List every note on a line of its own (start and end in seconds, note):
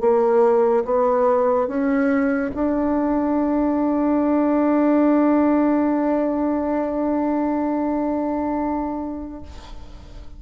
0.00 0.83 A#3
0.84 1.67 B3
1.67 2.51 C#4
2.55 9.42 D4